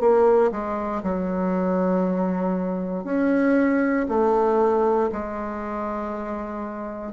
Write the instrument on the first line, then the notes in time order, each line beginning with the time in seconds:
bassoon
0.00 A#3
0.51 G#3
1.03 F#3
3.04 C#4
4.09 A3
5.12 G#3